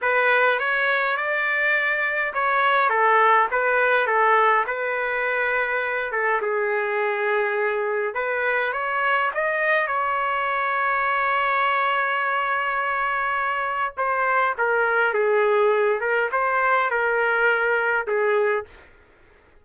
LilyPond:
\new Staff \with { instrumentName = "trumpet" } { \time 4/4 \tempo 4 = 103 b'4 cis''4 d''2 | cis''4 a'4 b'4 a'4 | b'2~ b'8 a'8 gis'4~ | gis'2 b'4 cis''4 |
dis''4 cis''2.~ | cis''1 | c''4 ais'4 gis'4. ais'8 | c''4 ais'2 gis'4 | }